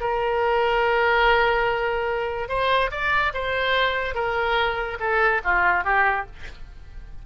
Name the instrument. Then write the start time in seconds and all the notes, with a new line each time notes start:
oboe
0.00 A#4
2.48 C5
2.91 D5
3.33 C5
4.14 A#4
4.99 A4
5.44 F4
5.84 G4